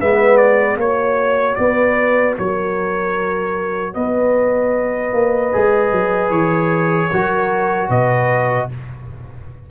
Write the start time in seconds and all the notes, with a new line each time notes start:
0.00 G#3 B3 B4 E5
0.37 D5
0.77 A#3 F#4 C#5
1.56 B3 B4 D5
2.38 F#3 A#4 C#5
3.94 B3 B4 D#5
5.13 A#3
5.53 G#3 G#4
5.92 F#3
6.30 E3 C#5
7.12 F#3 F#4 A#4
7.89 B2 B4 D#5